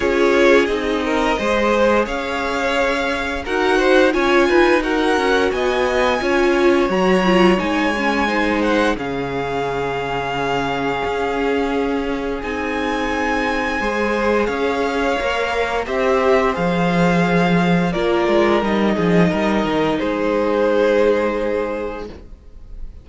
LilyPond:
<<
  \new Staff \with { instrumentName = "violin" } { \time 4/4 \tempo 4 = 87 cis''4 dis''2 f''4~ | f''4 fis''4 gis''4 fis''4 | gis''2 ais''4 gis''4~ | gis''8 fis''8 f''2.~ |
f''2 gis''2~ | gis''4 f''2 e''4 | f''2 d''4 dis''4~ | dis''4 c''2. | }
  \new Staff \with { instrumentName = "violin" } { \time 4/4 gis'4. ais'8 c''4 cis''4~ | cis''4 ais'8 c''8 cis''8 b'8 ais'4 | dis''4 cis''2. | c''4 gis'2.~ |
gis'1 | c''4 cis''2 c''4~ | c''2 ais'4. gis'8 | ais'4 gis'2. | }
  \new Staff \with { instrumentName = "viola" } { \time 4/4 f'4 dis'4 gis'2~ | gis'4 fis'4 f'4 fis'4~ | fis'4 f'4 fis'8 f'8 dis'8 cis'8 | dis'4 cis'2.~ |
cis'2 dis'2 | gis'2 ais'4 g'4 | gis'2 f'4 dis'4~ | dis'1 | }
  \new Staff \with { instrumentName = "cello" } { \time 4/4 cis'4 c'4 gis4 cis'4~ | cis'4 dis'4 cis'8 dis'4 cis'8 | b4 cis'4 fis4 gis4~ | gis4 cis2. |
cis'2 c'2 | gis4 cis'4 ais4 c'4 | f2 ais8 gis8 g8 f8 | g8 dis8 gis2. | }
>>